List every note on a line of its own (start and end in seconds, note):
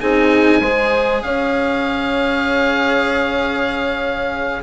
0.00 0.60 C4
0.00 0.62 D#4
0.00 0.61 G#4
0.00 1.22 G#5
0.60 1.22 G#3
0.60 4.63 G#4
0.60 1.23 C5
1.22 4.63 C#4
1.22 4.63 C#5
1.22 4.63 F5